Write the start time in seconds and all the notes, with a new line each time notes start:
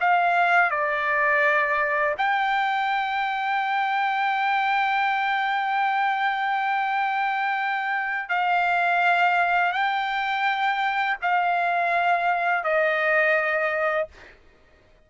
0.00 F5
0.70 D5
2.17 G5
8.29 F5
9.72 G5
11.21 F5
12.63 D#5